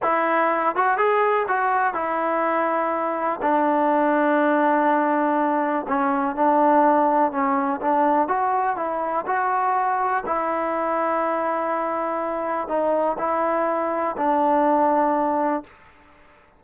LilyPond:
\new Staff \with { instrumentName = "trombone" } { \time 4/4 \tempo 4 = 123 e'4. fis'8 gis'4 fis'4 | e'2. d'4~ | d'1 | cis'4 d'2 cis'4 |
d'4 fis'4 e'4 fis'4~ | fis'4 e'2.~ | e'2 dis'4 e'4~ | e'4 d'2. | }